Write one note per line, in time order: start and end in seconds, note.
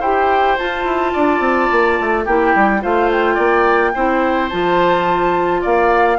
0.00 0.56 E4
0.00 0.58 G4
0.00 1.12 C5
0.00 0.58 G5
0.58 2.27 F4
0.58 0.84 F4
0.58 2.26 A5
0.84 1.12 E4
1.13 1.40 D4
1.13 2.25 D5
1.40 1.68 C4
1.71 2.00 A#3
2.00 2.27 A3
2.25 2.55 A#3
2.25 2.81 E4
2.25 2.81 G4
2.25 2.82 G5
2.55 2.83 G3
2.81 3.38 A3
2.81 3.93 F4
2.81 3.35 C5
2.81 3.11 F5
3.11 4.49 G5
3.35 3.94 A#3
3.35 3.91 D5
3.94 4.52 C4
3.94 4.51 E4
3.94 5.62 C5
4.49 5.65 F3
4.49 6.19 F4
4.49 5.61 A5
5.62 6.19 A#3
5.62 6.18 D5
5.62 6.19 F5